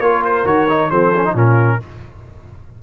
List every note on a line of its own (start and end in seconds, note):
0.00 0.45 A#3
0.00 0.45 F4
0.00 0.91 A#4
0.00 0.23 C#5
0.25 0.47 C5
0.45 0.90 D#3
0.45 0.68 F#4
0.45 0.91 C#5
0.69 0.92 D#4
0.91 1.35 F3
0.91 1.14 C4
0.91 1.33 A4
0.91 1.35 C5
1.16 1.26 C#4
1.26 1.36 D#4
1.33 1.79 A#2
1.33 1.81 C#4
1.33 1.78 F4
1.33 1.83 A#4